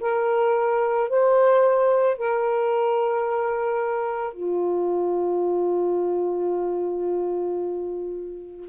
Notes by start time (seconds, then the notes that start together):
0.00 A#4
1.09 C5
2.17 A#4
4.33 F4